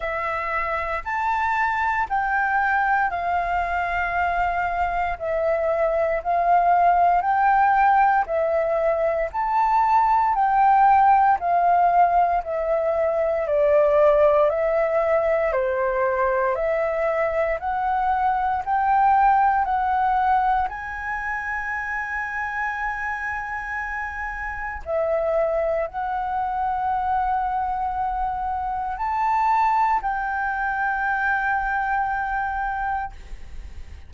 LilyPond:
\new Staff \with { instrumentName = "flute" } { \time 4/4 \tempo 4 = 58 e''4 a''4 g''4 f''4~ | f''4 e''4 f''4 g''4 | e''4 a''4 g''4 f''4 | e''4 d''4 e''4 c''4 |
e''4 fis''4 g''4 fis''4 | gis''1 | e''4 fis''2. | a''4 g''2. | }